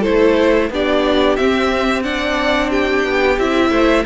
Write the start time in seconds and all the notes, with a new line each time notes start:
0.00 A3 E4 A4 C5
0.70 B3 D4 G4 D5
1.36 C4 E5
2.03 D4 D5 F#5
2.70 G4 G5
3.04 B3
3.38 C4 E4 E5
3.70 A3 C5